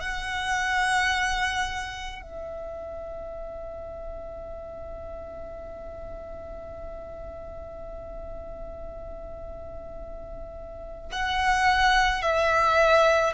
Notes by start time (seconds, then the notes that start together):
0.00 F#5
2.22 E5
11.12 F#5
12.22 E5